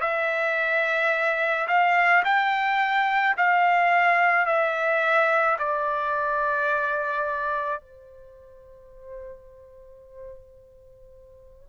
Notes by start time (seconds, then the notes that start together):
0.00 E5
1.67 F5
2.24 G5
3.37 F5
4.46 E5
5.58 D5
7.80 C5